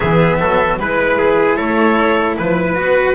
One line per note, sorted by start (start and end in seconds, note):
0.00 0.40 E3
0.00 0.79 B3
0.00 0.39 G#4
0.00 0.78 E5
0.39 0.79 F#3
0.39 0.79 A4
0.78 1.58 G#3
0.78 2.74 E4
0.78 1.56 B4
0.78 1.18 B4
1.18 1.56 G#4
1.56 2.37 A3
1.56 2.35 A4
1.56 2.35 C#5
2.37 2.77 F3
2.37 3.14 B4
2.74 3.14 B3
2.74 3.14 F#4